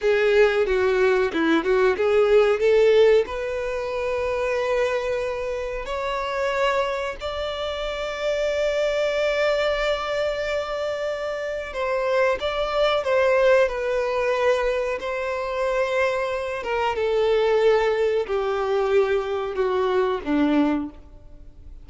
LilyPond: \new Staff \with { instrumentName = "violin" } { \time 4/4 \tempo 4 = 92 gis'4 fis'4 e'8 fis'8 gis'4 | a'4 b'2.~ | b'4 cis''2 d''4~ | d''1~ |
d''2 c''4 d''4 | c''4 b'2 c''4~ | c''4. ais'8 a'2 | g'2 fis'4 d'4 | }